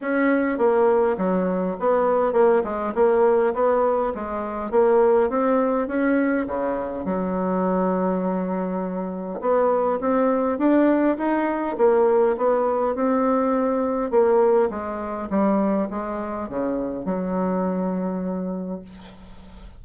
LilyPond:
\new Staff \with { instrumentName = "bassoon" } { \time 4/4 \tempo 4 = 102 cis'4 ais4 fis4 b4 | ais8 gis8 ais4 b4 gis4 | ais4 c'4 cis'4 cis4 | fis1 |
b4 c'4 d'4 dis'4 | ais4 b4 c'2 | ais4 gis4 g4 gis4 | cis4 fis2. | }